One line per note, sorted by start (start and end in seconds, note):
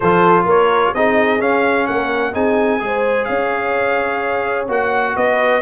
0.00 0.45 F3
0.00 0.95 F4
0.00 0.44 A4
0.00 0.45 C5
0.44 0.92 A#3
0.44 0.91 A#4
0.44 0.94 C#5
0.94 1.40 C4
0.94 1.39 D#4
0.94 1.88 G#4
0.94 1.41 D#5
1.39 2.33 C#4
1.39 1.87 C#4
1.39 1.86 F5
1.86 2.34 A#3
1.86 2.32 A#4
1.86 2.33 F#5
2.32 2.81 C4
2.32 2.79 D#4
2.32 2.79 G#4
2.32 3.25 G#5
2.79 3.28 G#3
2.79 4.67 G#4
2.79 3.27 C5
3.25 4.68 C#4
3.25 5.15 C#5
3.25 4.65 F5
4.68 5.15 A#3
4.68 5.62 F#4
4.68 5.16 F#5
5.16 5.62 B3
5.16 5.62 B4
5.16 5.62 D#5